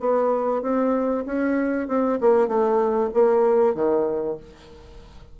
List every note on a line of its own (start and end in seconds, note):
0.00 0.62 B3
0.62 1.25 C4
1.26 1.88 C#4
1.88 2.19 C4
2.21 2.48 A#3
2.48 3.10 A3
3.14 3.75 A#3
3.75 4.37 D#3